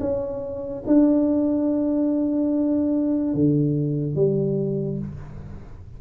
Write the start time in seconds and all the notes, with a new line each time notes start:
0.00 C#4
0.86 D4
3.34 D3
4.15 G3